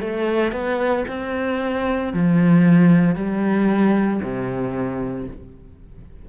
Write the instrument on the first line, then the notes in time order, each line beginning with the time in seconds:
cello
0.00 A3
0.52 B3
1.08 C4
2.13 F3
3.15 G3
4.22 C3